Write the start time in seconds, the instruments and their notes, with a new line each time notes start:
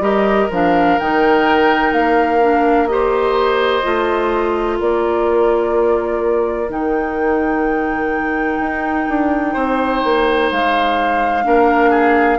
0.00 bassoon G3, clarinet G4, oboe A#4, flute D#5
0.51 bassoon F3, clarinet D4, flute F5
1.00 bassoon D#3, clarinet D#4, flute G5
1.93 bassoon A#3, flute F5
2.41 clarinet D4
2.88 clarinet G4, oboe C5, flute D#5
3.83 bassoon A3, clarinet F4
4.78 bassoon A#3, oboe A#4, flute D5
6.69 bassoon D#3, clarinet D#4, flute G5
8.60 bassoon D#4
9.09 bassoon D4
9.54 bassoon C4, oboe C5
10.04 bassoon A#3
10.52 bassoon G#3, flute F5
11.44 bassoon A#3, clarinet D4, oboe A#4
11.91 oboe G#4